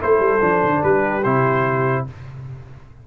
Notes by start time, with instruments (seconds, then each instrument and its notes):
0.00 tuba A3, trombone E4, horn A4, trumpet C5
0.19 tuba G3
0.40 tuba F3, trombone D4
0.63 tuba D3
0.82 tuba G3, horn G4, trumpet B4
1.23 tuba C3, trombone E4, trumpet C5